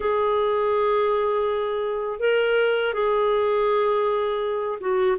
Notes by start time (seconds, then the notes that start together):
0.00 G#4
2.19 A#4
2.93 G#4
4.80 F#4